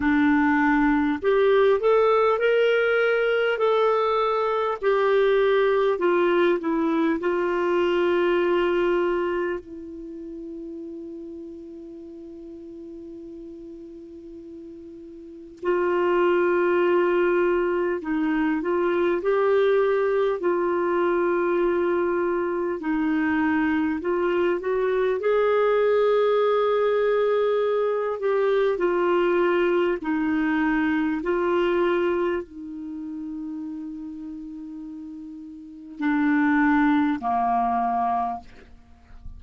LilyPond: \new Staff \with { instrumentName = "clarinet" } { \time 4/4 \tempo 4 = 50 d'4 g'8 a'8 ais'4 a'4 | g'4 f'8 e'8 f'2 | e'1~ | e'4 f'2 dis'8 f'8 |
g'4 f'2 dis'4 | f'8 fis'8 gis'2~ gis'8 g'8 | f'4 dis'4 f'4 dis'4~ | dis'2 d'4 ais4 | }